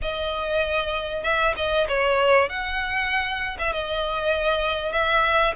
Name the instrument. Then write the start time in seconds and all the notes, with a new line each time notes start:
violin
0.02 D#5
1.23 E5
1.56 D#5
1.88 C#5
2.49 F#5
3.58 E5
3.73 D#5
4.92 E5